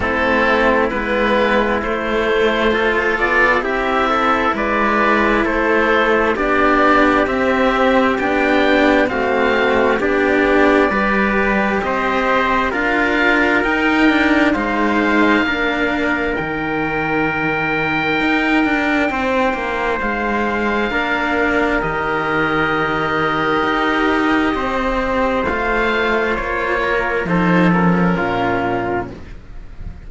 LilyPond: <<
  \new Staff \with { instrumentName = "oboe" } { \time 4/4 \tempo 4 = 66 a'4 b'4 c''4. d''8 | e''4 d''4 c''4 d''4 | e''4 g''4 f''4 d''4~ | d''4 dis''4 f''4 g''4 |
f''2 g''2~ | g''2 f''2 | dis''1 | f''4 cis''4 c''8 ais'4. | }
  \new Staff \with { instrumentName = "trumpet" } { \time 4/4 e'2. a'4 | g'8 a'8 b'4 a'4 g'4~ | g'2 fis'4 g'4 | b'4 c''4 ais'2 |
c''4 ais'2.~ | ais'4 c''2 ais'4~ | ais'2. c''4~ | c''4. ais'8 a'4 f'4 | }
  \new Staff \with { instrumentName = "cello" } { \time 4/4 c'4 b4 a4 f'4 | e'2. d'4 | c'4 d'4 c'4 d'4 | g'2 f'4 dis'8 d'8 |
dis'4 d'4 dis'2~ | dis'2. d'4 | g'1 | f'2 dis'8 cis'4. | }
  \new Staff \with { instrumentName = "cello" } { \time 4/4 a4 gis4 a4. b8 | c'4 gis4 a4 b4 | c'4 b4 a4 b4 | g4 c'4 d'4 dis'4 |
gis4 ais4 dis2 | dis'8 d'8 c'8 ais8 gis4 ais4 | dis2 dis'4 c'4 | a4 ais4 f4 ais,4 | }
>>